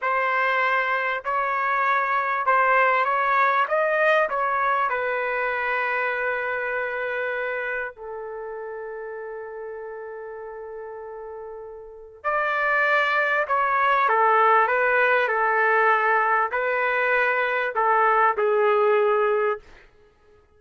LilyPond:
\new Staff \with { instrumentName = "trumpet" } { \time 4/4 \tempo 4 = 98 c''2 cis''2 | c''4 cis''4 dis''4 cis''4 | b'1~ | b'4 a'2.~ |
a'1 | d''2 cis''4 a'4 | b'4 a'2 b'4~ | b'4 a'4 gis'2 | }